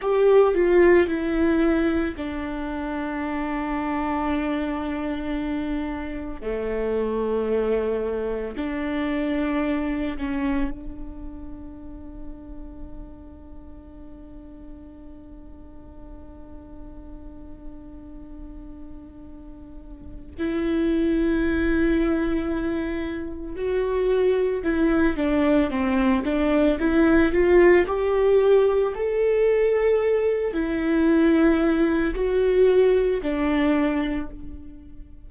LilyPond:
\new Staff \with { instrumentName = "viola" } { \time 4/4 \tempo 4 = 56 g'8 f'8 e'4 d'2~ | d'2 a2 | d'4. cis'8 d'2~ | d'1~ |
d'2. e'4~ | e'2 fis'4 e'8 d'8 | c'8 d'8 e'8 f'8 g'4 a'4~ | a'8 e'4. fis'4 d'4 | }